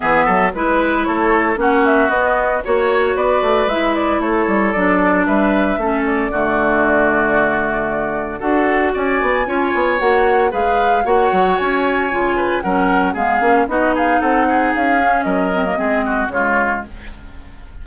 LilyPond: <<
  \new Staff \with { instrumentName = "flute" } { \time 4/4 \tempo 4 = 114 e''4 b'4 cis''4 fis''8 e''8 | dis''4 cis''4 d''4 e''8 d''8 | cis''4 d''4 e''4. d''8~ | d''1 |
fis''4 gis''2 fis''4 | f''4 fis''4 gis''2 | fis''4 f''4 dis''8 f''8 fis''4 | f''4 dis''2 cis''4 | }
  \new Staff \with { instrumentName = "oboe" } { \time 4/4 gis'8 a'8 b'4 a'4 fis'4~ | fis'4 cis''4 b'2 | a'2 b'4 a'4 | fis'1 |
a'4 d''4 cis''2 | b'4 cis''2~ cis''8 b'8 | ais'4 gis'4 fis'8 gis'8 a'8 gis'8~ | gis'4 ais'4 gis'8 fis'8 f'4 | }
  \new Staff \with { instrumentName = "clarinet" } { \time 4/4 b4 e'2 cis'4 | b4 fis'2 e'4~ | e'4 d'2 cis'4 | a1 |
fis'2 f'4 fis'4 | gis'4 fis'2 f'4 | cis'4 b8 cis'8 dis'2~ | dis'8 cis'4 c'16 ais16 c'4 gis4 | }
  \new Staff \with { instrumentName = "bassoon" } { \time 4/4 e8 fis8 gis4 a4 ais4 | b4 ais4 b8 a8 gis4 | a8 g8 fis4 g4 a4 | d1 |
d'4 cis'8 b8 cis'8 b8 ais4 | gis4 ais8 fis8 cis'4 cis4 | fis4 gis8 ais8 b4 c'4 | cis'4 fis4 gis4 cis4 | }
>>